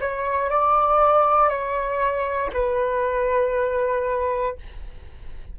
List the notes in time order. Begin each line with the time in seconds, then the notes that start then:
0.00 C#5
0.49 D5
1.48 C#5
2.52 B4